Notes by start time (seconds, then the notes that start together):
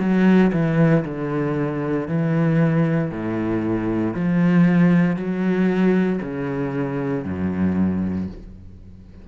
0.00 F#3
0.53 E3
1.05 D3
2.08 E3
3.11 A2
4.14 F3
5.16 F#3
6.22 C#3
7.25 F#2